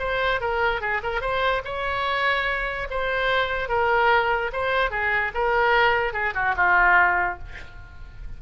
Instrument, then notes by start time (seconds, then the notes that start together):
oboe
0.00 C5
0.41 A#4
0.81 G#4
1.03 A#4
1.21 C5
1.65 C#5
2.91 C5
3.69 A#4
4.53 C5
4.91 G#4
5.35 A#4
6.14 G#4
6.35 F#4
6.57 F4